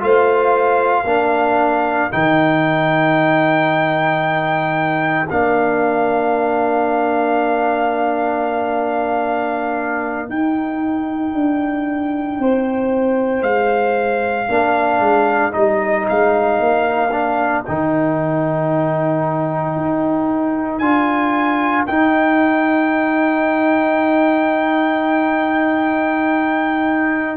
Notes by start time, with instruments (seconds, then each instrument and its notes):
0.00 tuba A3, trombone F4, horn C5, trumpet F5
1.04 tuba A#3, trombone D4, horn A#4
2.11 tuba D#3, trombone D#4, trumpet G5
5.30 tuba A#3, trombone D4, trumpet F5
10.29 trombone D#4, tuba D#4, trumpet G5
11.34 tuba D4
12.39 tuba C4, horn C5
13.43 tuba G#3, trumpet F5
14.49 tuba A#3, trombone D4, horn A#4
15.00 tuba G#3
15.52 tuba G3, trombone D#4, trumpet D#5
16.09 tuba G#3, trumpet F5
16.60 tuba A#3
17.12 trombone D4
17.65 tuba D#3, trombone D#4, trumpet G5
19.77 tuba D#4
20.79 tuba D4, trombone F4, trumpet G#5
21.87 trombone D#4, tuba D#4, trumpet G5